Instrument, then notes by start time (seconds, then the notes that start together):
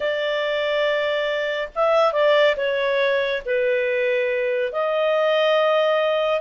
clarinet
0.00 D5
1.75 E5
2.12 D5
2.56 C#5
3.45 B4
4.72 D#5